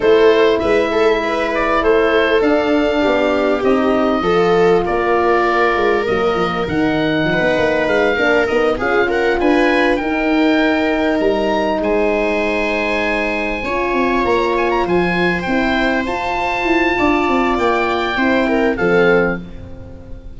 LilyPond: <<
  \new Staff \with { instrumentName = "oboe" } { \time 4/4 \tempo 4 = 99 c''4 e''4. d''8 c''4 | f''2 dis''2 | d''2 dis''4 fis''4~ | fis''4 f''4 dis''8 f''8 fis''8 gis''8~ |
gis''8 g''2 ais''4 gis''8~ | gis''2.~ gis''8 ais''8 | gis''16 ais''16 gis''4 g''4 a''4.~ | a''4 g''2 f''4 | }
  \new Staff \with { instrumentName = "viola" } { \time 4/4 a'4 b'8 a'8 b'4 a'4~ | a'4 g'2 a'4 | ais'1 | b'4. ais'4 gis'8 ais'8 b'8~ |
b'8 ais'2. c''8~ | c''2~ c''8 cis''4.~ | cis''8 c''2.~ c''8 | d''2 c''8 ais'8 a'4 | }
  \new Staff \with { instrumentName = "horn" } { \time 4/4 e'1 | d'2 dis'4 f'4~ | f'2 ais4 dis'4~ | dis'4. d'8 dis'8 f'4.~ |
f'8 dis'2.~ dis'8~ | dis'2~ dis'8 f'4.~ | f'4. e'4 f'4.~ | f'2 e'4 c'4 | }
  \new Staff \with { instrumentName = "tuba" } { \time 4/4 a4 gis2 a4 | d'4 b4 c'4 f4 | ais4. gis8 fis8 f8 dis4 | f16 b16 ais8 gis8 ais8 b8 cis'4 d'8~ |
d'8 dis'2 g4 gis8~ | gis2~ gis8 cis'8 c'8 ais8~ | ais8 f4 c'4 f'4 e'8 | d'8 c'8 ais4 c'4 f4 | }
>>